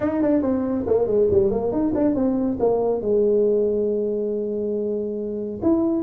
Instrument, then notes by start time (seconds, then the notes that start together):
tuba
0.00 D#4
0.22 D4
0.42 C4
0.86 A#3
1.06 G#3
1.31 G3
1.50 A#3
1.71 D#4
1.94 D4
2.14 C4
2.59 A#3
3.01 G#3
5.62 E4